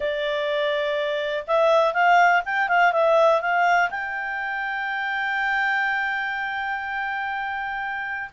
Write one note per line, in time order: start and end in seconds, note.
0.00 1.44 D5
1.47 1.93 E5
1.93 2.42 F5
2.45 2.68 G5
2.68 2.92 F5
2.92 3.41 E5
3.41 3.90 F5
3.90 8.29 G5